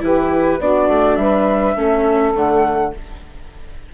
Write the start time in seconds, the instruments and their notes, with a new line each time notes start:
0.00 bassoon E3, viola E4, saxophone G4, flute B4
0.59 bassoon B3, viola D4, saxophone F#4, flute D5
0.88 bassoon A3
1.15 bassoon G3, saxophone B4, flute E5
1.75 bassoon A3, viola C#4, saxophone A4
2.34 bassoon D3, viola A3, flute F#5